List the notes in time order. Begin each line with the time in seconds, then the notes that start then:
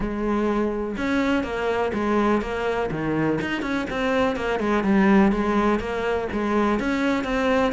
0.00 G#3
0.97 C#4
1.43 A#3
1.93 G#3
2.41 A#3
2.91 D#3
3.41 D#4
3.62 C#4
3.90 C4
4.36 A#3
4.59 G#3
4.83 G3
5.31 G#3
5.79 A#3
6.32 G#3
6.79 C#4
7.24 C4